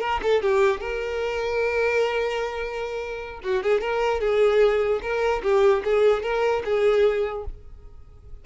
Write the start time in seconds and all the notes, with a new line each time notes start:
0.00 A#4
0.22 A4
0.41 G4
0.80 A#4
3.43 F#4
3.63 G#4
3.80 A#4
4.20 G#4
5.02 A#4
5.43 G4
5.84 G#4
6.22 A#4
6.64 G#4